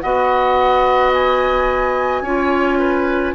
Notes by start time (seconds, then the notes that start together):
0.00 B3 F#4 D#5 F#5
1.13 G#5
2.21 C#4 F4 C#5
2.78 B4